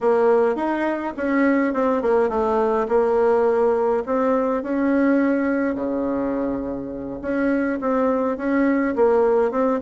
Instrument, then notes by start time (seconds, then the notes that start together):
bassoon
0.00 A#3
0.55 D#4
1.17 C#4
1.73 C4
2.02 A#3
2.29 A3
2.88 A#3
4.06 C4
4.62 C#4
5.75 C#3
7.21 C#4
7.80 C4
8.37 C#4
8.95 A#3
9.51 C4